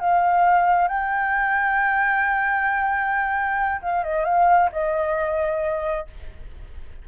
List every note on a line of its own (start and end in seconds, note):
0.00 0.88 F5
0.88 3.82 G5
3.82 4.04 F5
4.04 4.25 D#5
4.25 4.70 F5
4.72 6.08 D#5